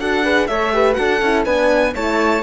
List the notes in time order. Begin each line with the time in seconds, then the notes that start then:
0.00 D4 F#4 A4 F#5
0.24 G#4 B4
0.47 A3 A4 C#5 E5
0.74 G4 B4
0.94 D4 F#4 A4 F#5
1.22 C#4 E4
1.45 B3 D4 B4 G#5
1.94 A3 E4 C#5 A5